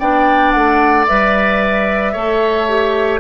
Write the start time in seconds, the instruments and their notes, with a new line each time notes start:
0.00 bassoon B3, clarinet D4, oboe D5, flute G5
0.52 bassoon A3, flute F#5
1.07 bassoon G3, clarinet B4, flute E5
2.13 bassoon A3, clarinet A4, oboe C#5
2.69 clarinet G4